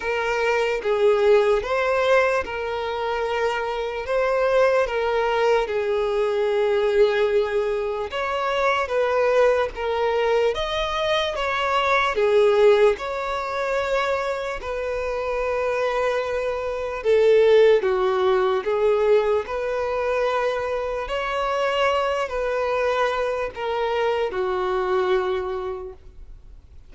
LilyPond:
\new Staff \with { instrumentName = "violin" } { \time 4/4 \tempo 4 = 74 ais'4 gis'4 c''4 ais'4~ | ais'4 c''4 ais'4 gis'4~ | gis'2 cis''4 b'4 | ais'4 dis''4 cis''4 gis'4 |
cis''2 b'2~ | b'4 a'4 fis'4 gis'4 | b'2 cis''4. b'8~ | b'4 ais'4 fis'2 | }